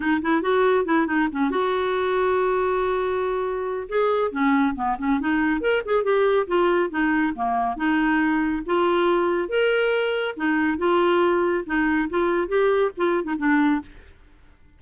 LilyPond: \new Staff \with { instrumentName = "clarinet" } { \time 4/4 \tempo 4 = 139 dis'8 e'8 fis'4 e'8 dis'8 cis'8 fis'8~ | fis'1~ | fis'4 gis'4 cis'4 b8 cis'8 | dis'4 ais'8 gis'8 g'4 f'4 |
dis'4 ais4 dis'2 | f'2 ais'2 | dis'4 f'2 dis'4 | f'4 g'4 f'8. dis'16 d'4 | }